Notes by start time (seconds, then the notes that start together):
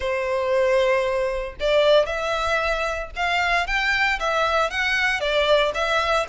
0.00 C5
1.59 D5
2.06 E5
3.16 F5
3.66 G5
4.19 E5
4.70 F#5
5.20 D5
5.74 E5